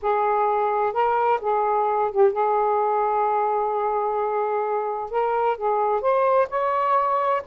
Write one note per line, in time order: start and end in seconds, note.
0.02 0.93 G#4
0.93 1.39 A#4
1.41 2.11 G#4
2.11 2.32 G4
2.32 5.10 G#4
5.10 5.57 A#4
5.57 6.01 G#4
6.01 6.47 C5
6.49 7.42 C#5